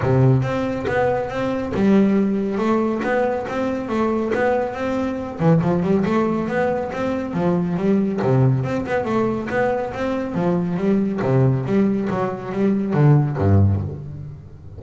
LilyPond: \new Staff \with { instrumentName = "double bass" } { \time 4/4 \tempo 4 = 139 c4 c'4 b4 c'4 | g2 a4 b4 | c'4 a4 b4 c'4~ | c'8 e8 f8 g8 a4 b4 |
c'4 f4 g4 c4 | c'8 b8 a4 b4 c'4 | f4 g4 c4 g4 | fis4 g4 d4 g,4 | }